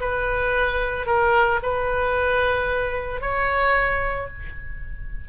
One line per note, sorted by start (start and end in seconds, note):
0.00 1.07 B4
1.07 1.60 A#4
1.63 3.21 B4
3.21 4.28 C#5